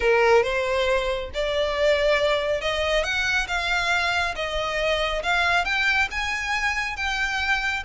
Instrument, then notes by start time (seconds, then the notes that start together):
violin
0.00 A#4
0.43 C5
1.34 D5
2.61 D#5
3.03 F#5
3.47 F5
4.35 D#5
5.22 F5
5.64 G5
6.10 G#5
6.96 G5